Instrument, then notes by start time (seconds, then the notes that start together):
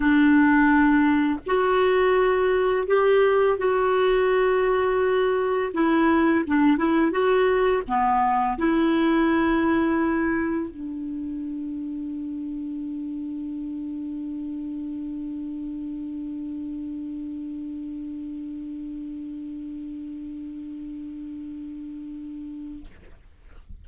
clarinet
0.00 D4
1.46 F#4
2.87 G4
3.57 F#4
5.73 E4
6.46 D4
6.77 E4
7.11 F#4
7.87 B3
8.57 E4
10.70 D4